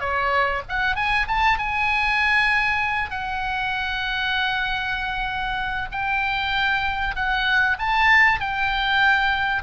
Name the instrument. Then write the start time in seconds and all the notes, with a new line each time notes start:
oboe
0.00 C#5
0.69 F#5
0.96 G#5
1.28 A5
1.58 G#5
3.10 F#5
5.92 G5
7.15 F#5
7.79 A5
8.40 G5